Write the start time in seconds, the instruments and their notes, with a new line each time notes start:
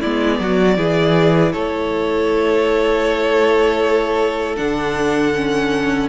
0.00 cello G#3, viola B3, violin E4 D5
0.40 cello F#3, violin F#4
0.77 cello E3, viola E4, violin G#4
1.52 cello A3, violin A4 C#5
4.56 cello D3, viola D4, violin F#5
5.35 viola C#4